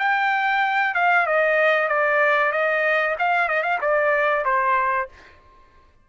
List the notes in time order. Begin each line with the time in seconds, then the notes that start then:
0.00 G5
0.95 F5
1.27 D#5
1.89 D5
2.53 D#5
3.19 F5
3.49 D#5
3.64 F5
3.82 D5
4.46 C5